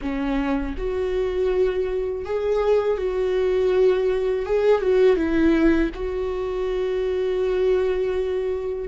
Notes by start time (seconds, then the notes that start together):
0.01 C#4
0.77 F#4
2.25 G#4
2.97 F#4
4.45 G#4
4.81 F#4
5.16 E4
5.94 F#4